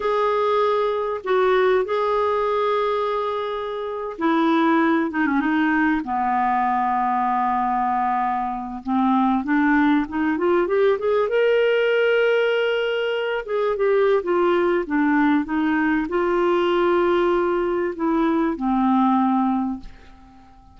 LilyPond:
\new Staff \with { instrumentName = "clarinet" } { \time 4/4 \tempo 4 = 97 gis'2 fis'4 gis'4~ | gis'2~ gis'8. e'4~ e'16~ | e'16 dis'16 cis'16 dis'4 b2~ b16~ | b2~ b16 c'4 d'8.~ |
d'16 dis'8 f'8 g'8 gis'8 ais'4.~ ais'16~ | ais'4.~ ais'16 gis'8 g'8. f'4 | d'4 dis'4 f'2~ | f'4 e'4 c'2 | }